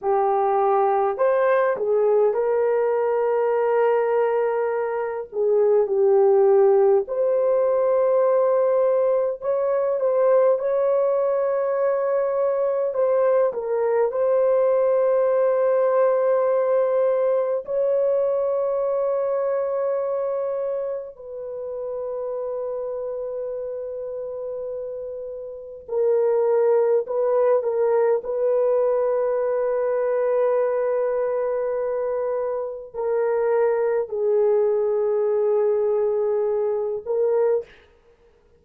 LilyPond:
\new Staff \with { instrumentName = "horn" } { \time 4/4 \tempo 4 = 51 g'4 c''8 gis'8 ais'2~ | ais'8 gis'8 g'4 c''2 | cis''8 c''8 cis''2 c''8 ais'8 | c''2. cis''4~ |
cis''2 b'2~ | b'2 ais'4 b'8 ais'8 | b'1 | ais'4 gis'2~ gis'8 ais'8 | }